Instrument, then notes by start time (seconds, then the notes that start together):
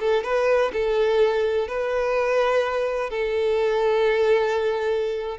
violin
0.00 A4
0.24 B4
0.73 A4
1.68 B4
3.10 A4